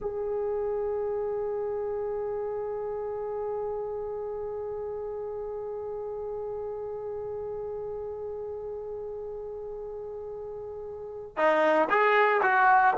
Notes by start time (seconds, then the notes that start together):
0.00 G#4
11.37 D#4
11.89 G#4
12.42 F#4